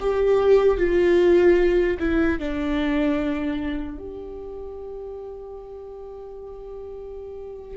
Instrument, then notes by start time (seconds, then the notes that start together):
viola
0.00 G4
0.77 F4
1.99 E4
2.39 D4
3.98 G4